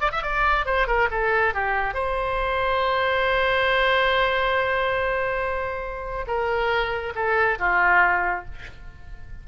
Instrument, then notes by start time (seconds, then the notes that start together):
oboe
0.00 D5
0.11 E5
0.22 D5
0.65 C5
0.87 A#4
1.10 A4
1.54 G4
1.93 C5
6.27 A#4
7.15 A4
7.58 F4